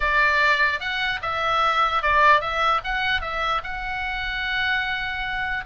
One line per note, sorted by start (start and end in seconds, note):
0.00 0.79 D5
0.79 1.20 F#5
1.22 2.02 E5
2.02 2.40 D5
2.40 2.81 E5
2.84 3.21 F#5
3.21 3.61 E5
3.63 5.64 F#5